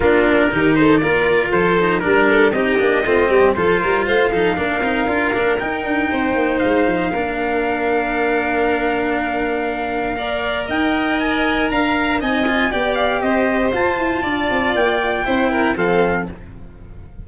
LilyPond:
<<
  \new Staff \with { instrumentName = "trumpet" } { \time 4/4 \tempo 4 = 118 ais'4. c''8 d''4 c''4 | ais'4 dis''2 c''4 | f''2. g''4~ | g''4 f''2.~ |
f''1~ | f''4 g''4 gis''4 ais''4 | gis''4 g''8 f''8 dis''4 a''4~ | a''4 g''2 f''4 | }
  \new Staff \with { instrumentName = "violin" } { \time 4/4 f'4 g'8 a'8 ais'4 a'4 | ais'8 a'8 g'4 f'8 g'8 a'8 ais'8 | c''8 a'8 ais'2. | c''2 ais'2~ |
ais'1 | d''4 dis''2 f''4 | dis''4 d''4 c''2 | d''2 c''8 ais'8 a'4 | }
  \new Staff \with { instrumentName = "cello" } { \time 4/4 d'4 dis'4 f'4. dis'8 | d'4 dis'8 d'8 c'4 f'4~ | f'8 dis'8 d'8 dis'8 f'8 d'8 dis'4~ | dis'2 d'2~ |
d'1 | ais'1 | dis'8 f'8 g'2 f'4~ | f'2 e'4 c'4 | }
  \new Staff \with { instrumentName = "tuba" } { \time 4/4 ais4 dis4 ais4 f4 | g4 c'8 ais8 a8 g8 f8 g8 | a8 f8 ais8 c'8 d'8 ais8 dis'8 d'8 | c'8 ais8 gis8 f8 ais2~ |
ais1~ | ais4 dis'2 d'4 | c'4 b4 c'4 f'8 e'8 | d'8 c'8 ais4 c'4 f4 | }
>>